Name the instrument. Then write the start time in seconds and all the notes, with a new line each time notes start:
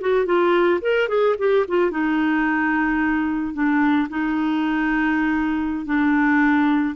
clarinet
0.00 F#4
0.25 F4
0.81 A#4
1.08 G#4
1.38 G4
1.68 F4
1.91 D#4
3.53 D4
4.09 D#4
5.85 D4